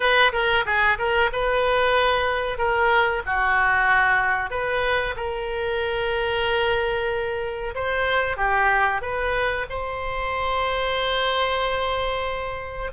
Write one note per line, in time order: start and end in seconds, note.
0.00 0.32 B4
0.32 0.65 A#4
0.65 0.98 G#4
0.98 1.30 A#4
1.32 2.58 B4
2.58 3.22 A#4
3.26 4.50 F#4
4.50 5.14 B4
5.16 7.74 A#4
7.74 8.37 C5
8.37 9.01 G4
9.01 9.66 B4
9.69 12.92 C5